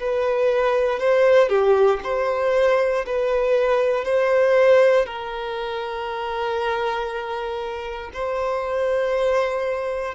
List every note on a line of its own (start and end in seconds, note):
0.00 1.00 B4
1.00 1.49 C5
1.49 2.00 G4
2.04 3.06 C5
3.06 4.05 B4
4.05 5.06 C5
5.06 8.11 A#4
8.14 10.15 C5